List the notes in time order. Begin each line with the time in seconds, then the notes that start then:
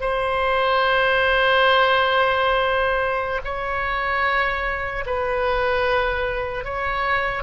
0.00 C5
3.44 C#5
5.06 B4
6.64 C#5